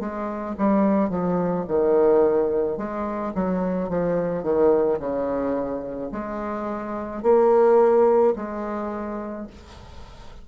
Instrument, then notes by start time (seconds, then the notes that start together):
bassoon
0.00 G#3
0.58 G3
1.09 F3
1.68 D#3
2.78 G#3
3.34 F#3
3.89 F3
4.43 D#3
4.99 C#3
6.12 G#3
7.23 A#3
8.36 G#3